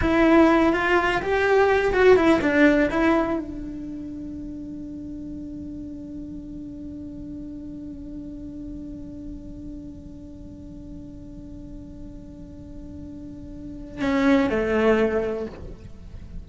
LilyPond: \new Staff \with { instrumentName = "cello" } { \time 4/4 \tempo 4 = 124 e'4. f'4 g'4. | fis'8 e'8 d'4 e'4 d'4~ | d'1~ | d'1~ |
d'1~ | d'1~ | d'1~ | d'4 cis'4 a2 | }